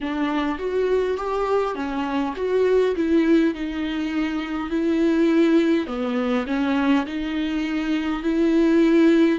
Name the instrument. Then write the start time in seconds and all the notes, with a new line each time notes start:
viola
0.00 D4
0.58 F#4
1.17 G4
1.75 C#4
2.36 F#4
2.95 E4
3.54 D#4
4.70 E4
5.86 B3
6.47 C#4
7.06 D#4
8.22 E4